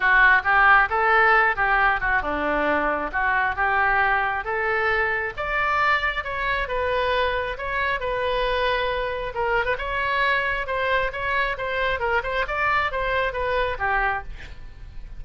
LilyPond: \new Staff \with { instrumentName = "oboe" } { \time 4/4 \tempo 4 = 135 fis'4 g'4 a'4. g'8~ | g'8 fis'8 d'2 fis'4 | g'2 a'2 | d''2 cis''4 b'4~ |
b'4 cis''4 b'2~ | b'4 ais'8. b'16 cis''2 | c''4 cis''4 c''4 ais'8 c''8 | d''4 c''4 b'4 g'4 | }